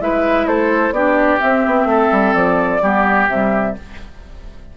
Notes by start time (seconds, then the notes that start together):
0.00 G#3 E4 B4 E5
0.47 A3 A4 C5
0.91 B3 D4 G4 D5
1.39 C4 E5
1.67 B3
1.85 A3 A4
2.12 G3
2.34 F3 D5
2.82 G3 B3 G4
3.28 C3 G3 E5